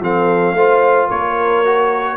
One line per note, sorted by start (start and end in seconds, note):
0.00 0.53 F3
0.00 0.56 C4
0.00 0.55 A4
0.00 1.10 F5
0.53 1.07 A3
0.53 1.64 F4
0.53 1.07 C5
1.07 2.17 A#3
1.07 2.15 A#4
1.07 2.17 C#5
1.64 2.17 F#4